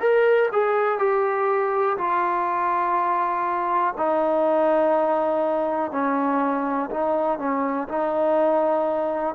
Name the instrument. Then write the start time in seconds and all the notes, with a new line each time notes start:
trombone
0.00 A#4
0.52 G#4
0.99 G4
1.98 F4
3.97 D#4
5.92 C#4
6.91 D#4
7.39 C#4
7.89 D#4